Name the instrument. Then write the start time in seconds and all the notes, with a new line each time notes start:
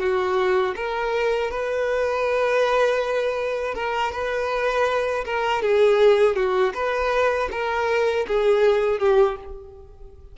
violin
0.00 F#4
0.76 A#4
1.51 B4
3.75 A#4
4.12 B4
5.25 A#4
5.63 G#4
6.36 F#4
6.74 B4
7.52 A#4
8.28 G#4
9.00 G4